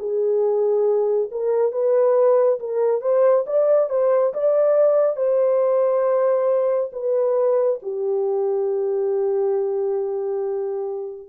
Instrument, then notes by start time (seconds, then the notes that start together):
horn
0.00 G#4
1.32 A#4
1.73 B4
2.60 A#4
3.02 C5
3.47 D5
3.90 C5
4.34 D5
5.17 C5
6.93 B4
7.83 G4